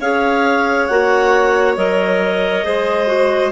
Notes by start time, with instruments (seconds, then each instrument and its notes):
0.00 bassoon C#4, clarinet G#4 F5, violin C#5
0.87 bassoon A#3, clarinet F#4 F#5
1.77 bassoon F#3, clarinet A#4 D#5
2.64 bassoon G#3, clarinet G#4, violin C5
3.07 clarinet F#4